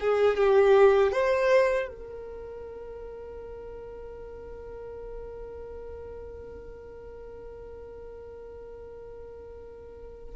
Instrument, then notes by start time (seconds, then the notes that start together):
violin
0.00 G#4
0.37 G4
1.12 C5
1.88 A#4